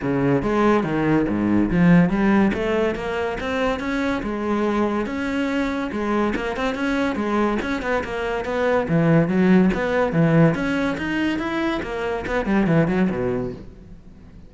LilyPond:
\new Staff \with { instrumentName = "cello" } { \time 4/4 \tempo 4 = 142 cis4 gis4 dis4 gis,4 | f4 g4 a4 ais4 | c'4 cis'4 gis2 | cis'2 gis4 ais8 c'8 |
cis'4 gis4 cis'8 b8 ais4 | b4 e4 fis4 b4 | e4 cis'4 dis'4 e'4 | ais4 b8 g8 e8 fis8 b,4 | }